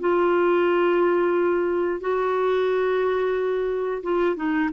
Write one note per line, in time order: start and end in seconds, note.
0.00 2.00 F4
2.00 4.03 F#4
4.03 4.36 F4
4.36 4.69 D#4